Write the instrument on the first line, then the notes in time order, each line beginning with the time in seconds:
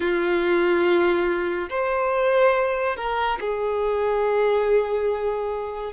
violin
0.00 F4
1.69 C5
2.96 A#4
3.40 G#4